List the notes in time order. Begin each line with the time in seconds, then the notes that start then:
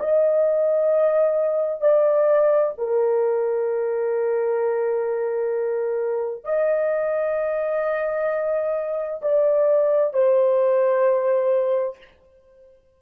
0.00 D#5
1.82 D5
2.78 A#4
6.44 D#5
9.22 D5
10.14 C5